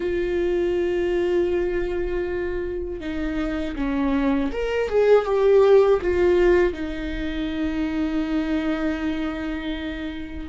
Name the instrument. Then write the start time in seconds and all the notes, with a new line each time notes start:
viola
0.00 F4
3.00 D#4
3.75 C#4
4.52 A#4
4.89 G#4
5.25 G4
6.01 F4
6.73 D#4